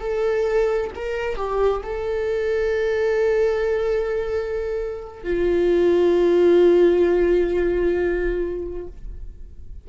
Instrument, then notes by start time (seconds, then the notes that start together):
viola
0.00 A4
0.95 A#4
1.36 G4
1.83 A4
5.24 F4